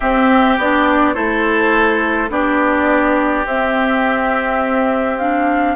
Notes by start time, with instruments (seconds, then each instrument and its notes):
0.00 clarinet C4, bassoon C4, oboe G4, flute E5
0.58 bassoon B3, clarinet D4, flute D5
1.13 bassoon A3, clarinet E4, oboe A4, flute C5
2.29 bassoon B3, clarinet D4, oboe G4, flute D5
3.45 bassoon C4, clarinet C4, flute E5
5.18 clarinet D4, flute F5